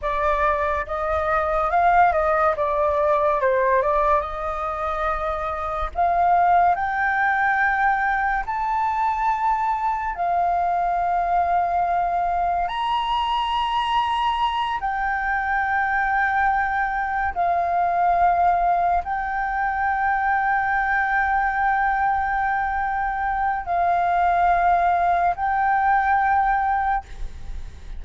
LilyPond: \new Staff \with { instrumentName = "flute" } { \time 4/4 \tempo 4 = 71 d''4 dis''4 f''8 dis''8 d''4 | c''8 d''8 dis''2 f''4 | g''2 a''2 | f''2. ais''4~ |
ais''4. g''2~ g''8~ | g''8 f''2 g''4.~ | g''1 | f''2 g''2 | }